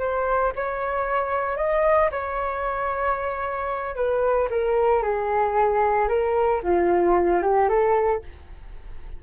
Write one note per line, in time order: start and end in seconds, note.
0.00 0.53 C5
0.56 1.57 C#5
1.57 2.10 D#5
2.12 3.96 C#5
3.96 4.49 B4
4.50 5.03 A#4
5.03 6.09 G#4
6.09 6.62 A#4
6.63 7.43 F4
7.43 7.69 G4
7.69 8.23 A4